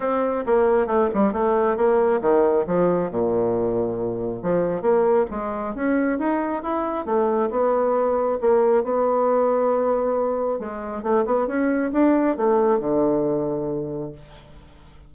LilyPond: \new Staff \with { instrumentName = "bassoon" } { \time 4/4 \tempo 4 = 136 c'4 ais4 a8 g8 a4 | ais4 dis4 f4 ais,4~ | ais,2 f4 ais4 | gis4 cis'4 dis'4 e'4 |
a4 b2 ais4 | b1 | gis4 a8 b8 cis'4 d'4 | a4 d2. | }